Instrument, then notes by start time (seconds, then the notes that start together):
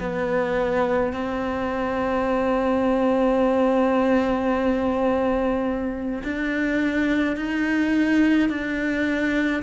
cello
0.00 B3
1.13 C4
6.24 D4
7.36 D#4
8.49 D4